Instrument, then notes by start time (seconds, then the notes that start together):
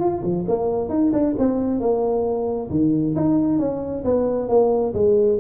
tuba
0.00 F4
0.23 F3
0.48 A#3
0.90 D#4
1.13 D4
1.39 C4
1.80 A#3
2.70 D#3
3.16 D#4
3.59 C#4
4.04 B3
4.49 A#3
4.94 G#3